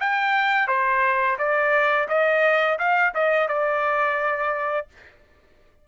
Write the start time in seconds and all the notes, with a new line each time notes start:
0.00 G5
0.68 C5
1.39 D5
2.09 D#5
2.79 F5
3.15 D#5
3.48 D5